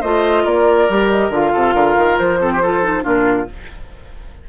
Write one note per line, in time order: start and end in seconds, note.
0.00 0.45 A3
0.00 0.89 F4
0.00 0.43 C5
0.00 0.44 D#5
0.44 0.88 A#3
0.44 1.52 A#4
0.44 1.09 D5
0.89 1.29 G3
0.89 1.32 G4
1.10 1.31 D#5
1.29 1.51 D3
1.29 2.39 F4
1.29 2.18 F5
1.52 1.74 C3
1.52 1.74 A4
1.74 1.95 D3
1.74 2.39 A#4
1.96 2.18 D#3
2.18 3.04 F3
2.18 3.04 C5
2.39 2.60 C4
2.39 2.52 A4
2.53 2.62 G4
2.62 2.83 F4
2.62 3.03 A4
2.83 3.02 D#4
3.02 3.47 A#2
3.02 3.45 D4
3.02 3.46 F4
3.02 3.49 A#4